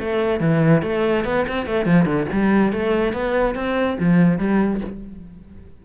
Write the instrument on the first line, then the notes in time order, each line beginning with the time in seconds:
cello
0.00 A3
0.41 E3
0.83 A3
1.25 B3
1.48 C4
1.67 A3
1.86 F3
2.06 D3
2.32 G3
2.73 A3
3.13 B3
3.56 C4
3.99 F3
4.38 G3